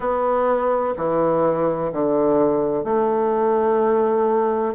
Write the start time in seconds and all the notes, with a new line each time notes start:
0.00 B3
0.96 E3
1.92 D3
2.84 A3